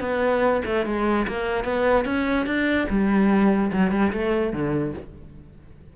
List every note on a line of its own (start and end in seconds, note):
0.00 0.62 B3
0.65 0.85 A3
0.85 1.26 G#3
1.27 1.64 A#3
1.64 2.05 B3
2.05 2.46 C#4
2.46 2.87 D4
2.89 3.71 G3
3.72 3.91 F#3
3.91 4.12 G3
4.13 4.53 A3
4.53 4.94 D3